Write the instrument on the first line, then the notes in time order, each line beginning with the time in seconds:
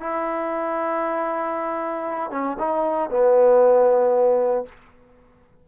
trombone
0.00 E4
2.31 C#4
2.59 D#4
3.10 B3